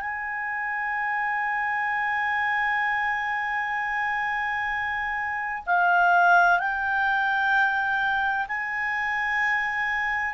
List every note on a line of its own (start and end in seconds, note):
0.00 5.62 G#5
5.66 6.58 F5
6.58 8.46 G5
8.48 10.34 G#5